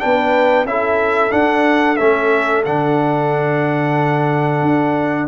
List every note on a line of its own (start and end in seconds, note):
0.00 0.65 B3
0.00 0.66 D4
0.00 0.69 B4
0.00 0.66 G5
0.65 1.31 C#4
0.65 1.30 E4
0.65 5.28 A4
0.65 1.32 E5
1.30 1.96 D4
1.30 1.99 D4
1.30 1.97 F#5
1.97 2.66 A3
1.97 2.65 C#4
1.97 2.63 E5
2.65 4.62 D3
2.65 5.28 D4
2.65 5.28 F#5
4.62 5.28 D4